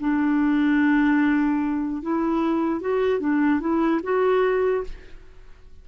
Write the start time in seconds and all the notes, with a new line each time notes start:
0.00 D4
2.03 E4
2.81 F#4
3.20 D4
3.60 E4
4.03 F#4